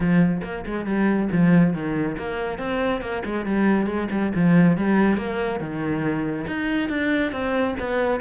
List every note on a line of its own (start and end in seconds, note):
0.00 0.41 F3
0.43 0.64 A#3
0.66 0.85 G#3
0.85 1.28 G3
1.31 1.73 F3
1.73 2.17 D#3
2.18 2.58 A#3
2.58 3.01 C4
3.01 3.22 A#3
3.25 3.45 G#3
3.45 3.86 G3
3.86 4.08 G#3
4.11 4.32 G3
4.35 4.77 F3
4.77 5.17 G3
5.17 5.59 A#3
5.59 6.46 D#3
6.46 6.89 D#4
6.89 7.32 D4
7.32 7.75 C4
7.79 8.20 B3